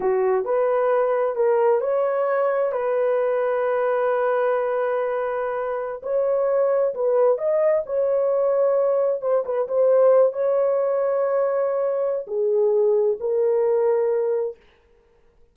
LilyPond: \new Staff \with { instrumentName = "horn" } { \time 4/4 \tempo 4 = 132 fis'4 b'2 ais'4 | cis''2 b'2~ | b'1~ | b'4~ b'16 cis''2 b'8.~ |
b'16 dis''4 cis''2~ cis''8.~ | cis''16 c''8 b'8 c''4. cis''4~ cis''16~ | cis''2. gis'4~ | gis'4 ais'2. | }